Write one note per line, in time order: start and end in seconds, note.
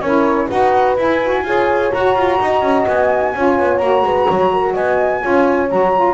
0.00 0.47 C#4
0.00 0.50 E4
0.00 0.46 A#4
0.00 0.48 C#5
0.46 0.97 D#4
0.46 0.97 F#4
0.46 1.41 B4
0.46 0.96 F#5
0.97 1.44 E4
0.97 1.22 E4
0.97 1.92 G#5
1.23 1.45 F#4
1.44 1.91 F4
1.44 1.93 G#4
1.44 2.39 C#5
1.92 3.35 F#4
1.92 2.15 F#4
1.92 2.86 A#5
2.15 2.39 F4
2.39 2.61 D#4
2.39 3.34 D#5
2.61 2.85 C#4
2.87 3.34 B3
2.87 3.78 G#5
3.35 3.59 C#4
3.35 3.81 F4
3.35 4.05 C#5
3.59 3.80 B3
3.78 4.02 A#3
3.78 5.21 F#4
3.78 4.72 A#5
4.02 4.26 G#3
4.02 4.29 B4
4.29 4.76 F#3
4.29 4.52 C#5
4.53 4.74 A#4
4.74 5.23 B3
4.74 5.21 D#5
4.74 5.70 G#5
5.21 5.72 C#4
5.21 5.69 F4
5.21 6.14 C#5
5.70 6.14 F#3
5.70 5.93 F#4
5.70 6.14 A#5
5.95 6.14 F4